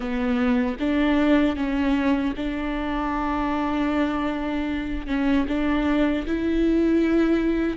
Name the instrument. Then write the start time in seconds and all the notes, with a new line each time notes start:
viola
0.00 B3
0.79 D4
1.56 C#4
2.36 D4
5.06 C#4
5.48 D4
6.27 E4